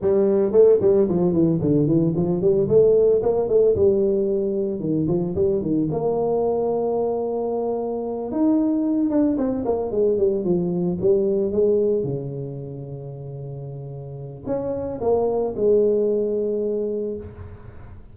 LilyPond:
\new Staff \with { instrumentName = "tuba" } { \time 4/4 \tempo 4 = 112 g4 a8 g8 f8 e8 d8 e8 | f8 g8 a4 ais8 a8 g4~ | g4 dis8 f8 g8 dis8 ais4~ | ais2.~ ais8 dis'8~ |
dis'4 d'8 c'8 ais8 gis8 g8 f8~ | f8 g4 gis4 cis4.~ | cis2. cis'4 | ais4 gis2. | }